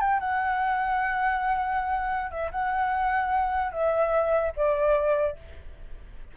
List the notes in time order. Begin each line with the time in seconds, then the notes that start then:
0.00 G5
0.19 F#5
2.31 E5
2.51 F#5
3.72 E5
4.56 D5